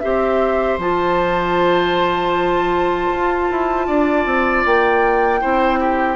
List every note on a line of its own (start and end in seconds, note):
0.00 0.78 C4
0.00 0.79 G4
0.00 3.87 C5
0.00 0.77 E5
0.78 3.08 F3
0.78 5.41 F4
0.78 4.65 A5
3.11 3.49 F4
3.50 3.88 E4
3.87 4.25 D4
3.87 5.40 D5
4.25 4.64 C4
4.65 5.42 A#3
4.65 6.16 G5
5.41 6.16 C4
5.41 6.16 E4
5.41 5.79 C5
5.79 6.16 G4